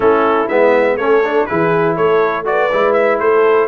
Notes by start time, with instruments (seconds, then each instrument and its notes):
0.00 tuba A3, trombone C#4, horn E4, trumpet A4
0.48 tuba G#3, trombone B3, trumpet E5
0.96 tuba A3, trombone C#4, horn A4, trumpet C#5
1.24 trombone D4
1.46 tuba E3, trombone E4, horn G#4, trumpet B4
1.95 tuba A3, horn A4, trumpet C#5
2.45 trombone F#4, horn B4, trumpet D5
2.72 tuba G#3, trombone E4
2.93 trumpet E5
3.19 tuba A3, horn A4, trumpet C5